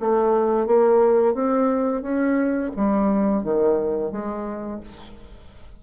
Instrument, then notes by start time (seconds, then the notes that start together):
bassoon
0.00 A3
0.67 A#3
1.34 C4
2.02 C#4
2.76 G3
3.44 D#3
4.12 G#3